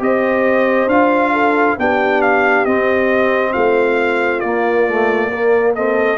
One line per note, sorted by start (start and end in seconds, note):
0.00 0.87 C4
0.00 0.88 G4
0.00 1.33 C5
0.00 0.89 D#5
0.87 1.75 D4
0.87 1.79 F4
0.87 1.78 F5
1.33 1.77 A4
1.78 2.66 B3
1.78 2.67 D4
1.78 3.53 G4
1.78 2.22 G5
2.22 2.66 F5
2.66 3.54 C4
2.66 4.44 C4
2.66 3.53 D#5
3.53 4.44 A3
3.53 5.30 F4
3.53 4.40 F5
4.40 6.18 A#3
4.40 4.88 A#3
4.40 5.73 D5
4.88 5.32 A3
5.32 5.77 A#3
5.32 5.76 A#4
5.76 6.18 C4
5.76 6.18 A4
5.76 6.18 D#5